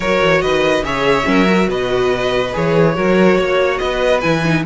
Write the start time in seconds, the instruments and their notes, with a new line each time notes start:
0.00 cello F#3, viola F#4, violin A#4 C#5
0.21 cello E3
0.41 cello D#3, violin B4 D#5
0.82 cello C#3, viola G#4, violin C#5 E5
1.24 cello F#3, viola C#4, violin A#4
1.46 viola F#4
1.67 cello B2, violin B4 D#5
2.52 cello E3, viola G#4, violin C#5
2.94 cello F#3, viola F#4, violin A#4
3.37 cello A#3, violin C#5
3.78 cello B3, violin B4 D#5
4.20 cello E3, viola E4, violin G#5
4.44 viola D#4